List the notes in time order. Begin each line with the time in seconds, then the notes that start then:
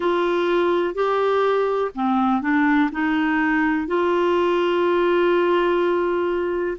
0.00 F4
0.94 G4
1.94 C4
2.41 D4
2.92 D#4
3.87 F4